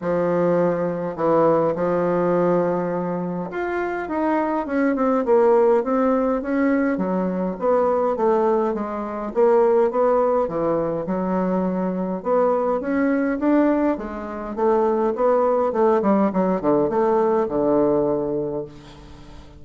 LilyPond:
\new Staff \with { instrumentName = "bassoon" } { \time 4/4 \tempo 4 = 103 f2 e4 f4~ | f2 f'4 dis'4 | cis'8 c'8 ais4 c'4 cis'4 | fis4 b4 a4 gis4 |
ais4 b4 e4 fis4~ | fis4 b4 cis'4 d'4 | gis4 a4 b4 a8 g8 | fis8 d8 a4 d2 | }